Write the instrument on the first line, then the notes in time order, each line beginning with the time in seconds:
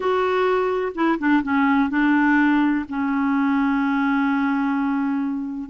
clarinet
0.00 F#4
0.94 E4
1.18 D4
1.42 C#4
1.89 D4
2.89 C#4